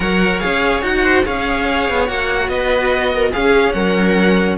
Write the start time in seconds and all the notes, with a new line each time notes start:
0.00 F#3 A#4 C#5 F#5
0.39 C#4 G#4 F5
0.82 D#4 F#4 F#5
1.03 C5
1.24 C#4 G#4 C#5 F5
1.89 B3
2.07 A#3 F#4 F#5
2.48 B3 B4 D#5
3.15 A#4
3.31 C#4 G#4 F5
3.72 F#3 A#4 F#5